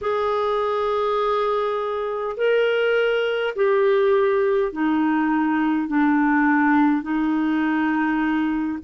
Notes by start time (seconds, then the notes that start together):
0.01 G#4
2.36 A#4
3.55 G4
4.72 D#4
5.87 D4
7.02 D#4